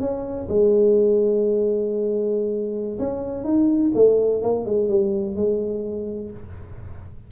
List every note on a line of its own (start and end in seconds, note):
0.00 0.48 C#4
0.48 2.98 G#3
2.99 3.44 C#4
3.44 3.92 D#4
3.94 4.42 A3
4.42 4.65 A#3
4.65 4.89 G#3
4.89 5.36 G3
5.36 6.31 G#3